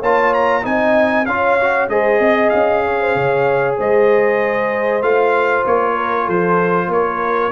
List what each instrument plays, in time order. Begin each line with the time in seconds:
0.00 tuba A#3, trombone F4, horn C#5, trumpet A5
0.34 trumpet A#5
0.63 tuba C4, trombone D#4, horn D#5, trumpet G#5
1.26 tuba C#4, trombone F4, horn C#5, trumpet F5
1.61 trombone F#4
1.89 tuba G#3, trombone G#4, horn C5, trumpet D#5
2.20 tuba C4, horn D#5
2.50 tuba C#4, trumpet F5
2.85 horn C#5
3.01 horn C5
3.16 tuba C#3, horn C#5
3.78 tuba G#3, horn C5, trumpet D#5
5.02 tuba A3, trombone F4, trumpet F5
5.66 tuba A#3, trumpet C#5
5.95 horn A#4
6.26 tuba F3, horn A4, trumpet C5
6.89 tuba A#3, horn A#4, trumpet C#5